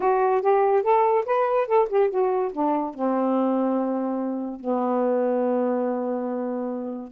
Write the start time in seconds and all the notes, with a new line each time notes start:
0.00 F#4
0.41 G4
0.83 A4
1.25 B4
1.67 A4
1.89 G4
2.09 F#4
2.52 D4
2.94 C4
4.59 B3